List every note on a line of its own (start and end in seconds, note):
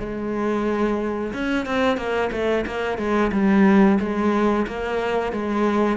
0.00 1.33 G#3
1.34 1.66 C#4
1.66 1.98 C4
1.98 2.31 A#3
2.32 2.65 A3
2.67 2.98 A#3
2.98 3.32 G#3
3.32 3.99 G3
4.00 4.67 G#3
4.68 5.33 A#3
5.33 5.98 G#3